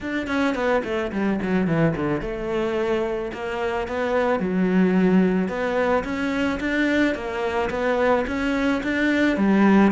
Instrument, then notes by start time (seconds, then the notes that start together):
cello
0.01 D4
0.27 C#4
0.55 B3
0.84 A3
1.12 G3
1.42 F#3
1.67 E3
1.96 D3
2.21 A3
3.33 A#3
3.87 B3
4.39 F#3
5.48 B3
6.04 C#4
6.60 D4
7.14 A#3
7.70 B3
8.27 C#4
8.83 D4
9.37 G3